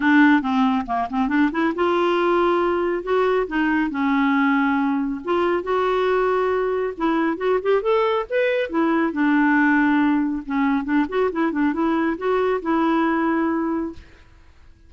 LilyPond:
\new Staff \with { instrumentName = "clarinet" } { \time 4/4 \tempo 4 = 138 d'4 c'4 ais8 c'8 d'8 e'8 | f'2. fis'4 | dis'4 cis'2. | f'4 fis'2. |
e'4 fis'8 g'8 a'4 b'4 | e'4 d'2. | cis'4 d'8 fis'8 e'8 d'8 e'4 | fis'4 e'2. | }